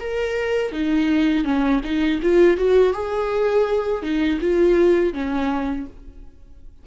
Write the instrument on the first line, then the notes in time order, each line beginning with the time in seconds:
viola
0.00 A#4
0.72 D#4
1.44 C#4
1.84 D#4
2.22 F4
2.57 F#4
2.93 G#4
4.02 D#4
4.41 F4
5.13 C#4